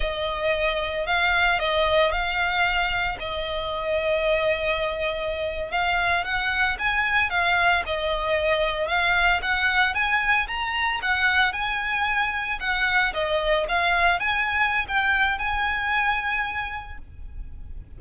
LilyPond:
\new Staff \with { instrumentName = "violin" } { \time 4/4 \tempo 4 = 113 dis''2 f''4 dis''4 | f''2 dis''2~ | dis''2~ dis''8. f''4 fis''16~ | fis''8. gis''4 f''4 dis''4~ dis''16~ |
dis''8. f''4 fis''4 gis''4 ais''16~ | ais''8. fis''4 gis''2 fis''16~ | fis''8. dis''4 f''4 gis''4~ gis''16 | g''4 gis''2. | }